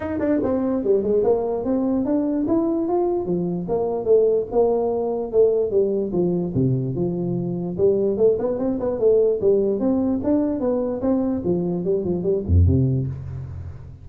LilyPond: \new Staff \with { instrumentName = "tuba" } { \time 4/4 \tempo 4 = 147 dis'8 d'8 c'4 g8 gis8 ais4 | c'4 d'4 e'4 f'4 | f4 ais4 a4 ais4~ | ais4 a4 g4 f4 |
c4 f2 g4 | a8 b8 c'8 b8 a4 g4 | c'4 d'4 b4 c'4 | f4 g8 f8 g8 f,8 c4 | }